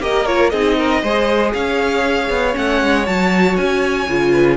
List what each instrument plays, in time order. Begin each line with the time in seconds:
0.00 cello A#3, viola G4, violin A#4 D#5
0.25 viola F4, violin C#5
0.50 cello C4, viola D#4, violin G#4 D#5
0.78 violin A#4
1.01 cello G#3, viola G#4, violin C5
1.54 cello C#4, violin C#5 F5
2.29 cello B3
2.53 cello A3, viola C#4, violin F#5
2.82 cello G#3
3.06 cello F#3, viola F#4, violin A5
3.57 cello C#4, violin G#5
4.09 cello C#3, viola F4
4.31 violin B4